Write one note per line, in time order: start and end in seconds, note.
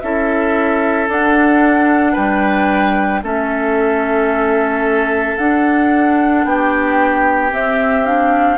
0.00 1.08 C#4
0.00 1.08 E4
0.00 2.12 A4
0.00 1.07 E5
1.08 2.15 D4
1.08 3.22 D4
1.08 2.15 F#5
2.12 3.22 G3
2.12 3.19 B4
2.12 3.22 G5
3.22 5.36 A3
3.22 5.37 C#4
3.22 6.45 A4
3.22 5.37 E5
5.37 6.44 D4
5.37 7.50 D4
5.37 6.44 F#5
6.44 7.52 B3
6.44 8.58 G4
6.44 7.51 G5
7.50 8.04 C4
7.50 8.58 C4
7.50 8.05 E5
8.04 8.58 D4
8.04 8.58 F5